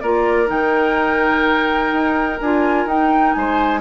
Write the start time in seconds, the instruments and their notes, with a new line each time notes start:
0.00 bassoon A#3, clarinet F4, oboe A#4, flute D5
0.46 bassoon D#3, clarinet D#4, flute G5
1.92 bassoon D#4
2.40 bassoon D4, clarinet F4, flute G#5
2.86 bassoon D#4, clarinet D#4, flute G5
3.33 bassoon G#3, oboe C5, flute G#5